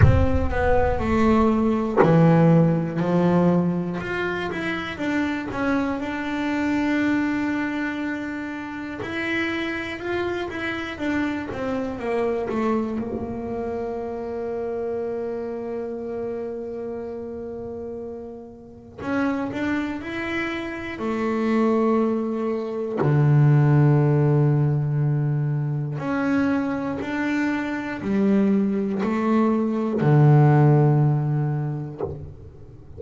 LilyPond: \new Staff \with { instrumentName = "double bass" } { \time 4/4 \tempo 4 = 60 c'8 b8 a4 e4 f4 | f'8 e'8 d'8 cis'8 d'2~ | d'4 e'4 f'8 e'8 d'8 c'8 | ais8 a8 ais2.~ |
ais2. cis'8 d'8 | e'4 a2 d4~ | d2 cis'4 d'4 | g4 a4 d2 | }